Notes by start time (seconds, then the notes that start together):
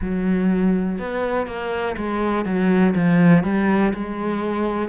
0.00 F#3
0.98 B3
1.47 A#3
1.96 G#3
2.45 F#3
2.95 F3
3.43 G3
3.93 G#3